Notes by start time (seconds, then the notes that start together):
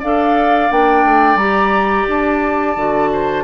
0.00 D4 A4 D5 F5
0.70 A#3 D4 G5
1.05 A3
1.36 G3 G4 A#5
2.08 D4 A5
2.77 D3 F#4
3.13 C5